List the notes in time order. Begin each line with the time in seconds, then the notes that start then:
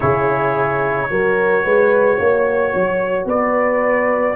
0.00 C#3 E4 G#4 C#5
1.09 F#3 F#4 A#4
1.64 G#3 B4
2.17 A#3 C#5
2.74 F#3
3.25 B3 B4 D5